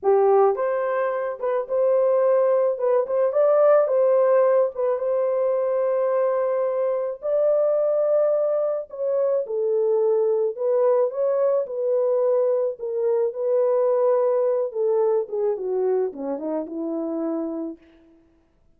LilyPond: \new Staff \with { instrumentName = "horn" } { \time 4/4 \tempo 4 = 108 g'4 c''4. b'8 c''4~ | c''4 b'8 c''8 d''4 c''4~ | c''8 b'8 c''2.~ | c''4 d''2. |
cis''4 a'2 b'4 | cis''4 b'2 ais'4 | b'2~ b'8 a'4 gis'8 | fis'4 cis'8 dis'8 e'2 | }